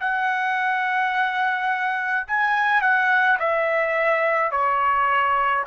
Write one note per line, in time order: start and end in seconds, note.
0.00 2.26 F#5
2.27 2.81 G#5
2.81 3.38 F#5
3.39 4.51 E5
4.51 5.64 C#5